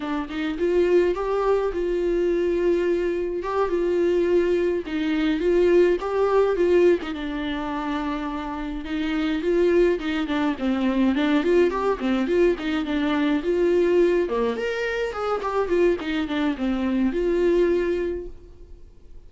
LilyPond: \new Staff \with { instrumentName = "viola" } { \time 4/4 \tempo 4 = 105 d'8 dis'8 f'4 g'4 f'4~ | f'2 g'8 f'4.~ | f'8 dis'4 f'4 g'4 f'8~ | f'16 dis'16 d'2. dis'8~ |
dis'8 f'4 dis'8 d'8 c'4 d'8 | f'8 g'8 c'8 f'8 dis'8 d'4 f'8~ | f'4 ais8 ais'4 gis'8 g'8 f'8 | dis'8 d'8 c'4 f'2 | }